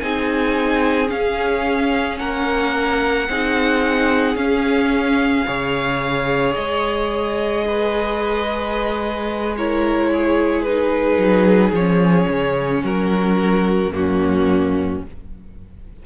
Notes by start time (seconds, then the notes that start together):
0.00 C4 D#4 G#4 G#5
1.08 C#4 F5
2.19 A#3 A#4 F#5
3.29 C4 D#4 G#4
4.36 C#4 F5
5.47 C#3 G#4 C#5
6.55 G#3 D#5
7.67 B4
9.57 E4 A#4 C#5
10.12 G#4
10.62 D#4 B4
11.18 F#3
11.73 F3 C#4 C#5
12.28 C#3
12.83 F#3 F#4 A#4
13.89 F#2 A#3 F#4
13.97 C#4